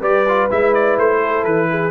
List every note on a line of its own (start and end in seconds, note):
0.00 0.49 G3
0.00 0.26 G4
0.00 1.18 B4
0.00 0.50 D5
0.28 0.50 F4
0.50 0.98 G#3
0.50 1.91 E4
0.50 0.74 E5
0.74 0.97 D5
0.98 1.45 A3
0.98 1.45 C5
1.21 1.69 A4
1.45 1.91 E3
1.45 1.91 B4
1.71 1.91 G#4